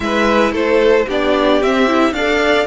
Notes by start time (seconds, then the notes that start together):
0.00 G#3 E4 B4 E5
0.52 A3 A4 C5
1.06 B3 D4 G4 D5
1.62 C4 E5
1.87 E4
2.11 D4 D5 F5
2.17 A4